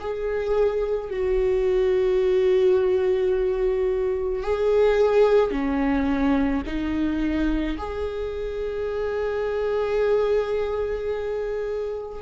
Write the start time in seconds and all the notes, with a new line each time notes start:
0.00 G#4
1.11 F#4
4.43 G#4
5.52 C#4
6.67 D#4
7.78 G#4